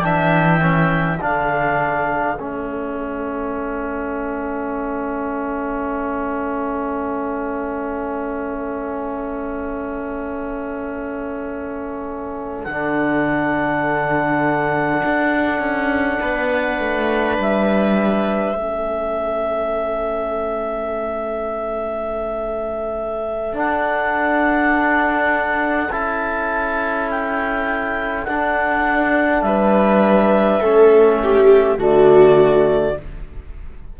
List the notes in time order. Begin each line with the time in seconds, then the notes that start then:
0.00 E3 D4 E5 G5
0.60 C#4
1.20 D3 D4 A4 F5
2.37 A3 C#4 E5
12.64 D3 D4 F#5
15.05 D4
15.59 C#4
16.21 B3 B4
16.79 A3
17.38 G3 E5
18.54 A3 C#4 A4
23.53 D4 F#5
25.91 C#4 E4 A5
27.10 G5
28.25 D4 F#5
29.42 G3 B4 E5
30.61 A3 C#4 A4
31.23 G4
31.77 D3 A3 F#4 D5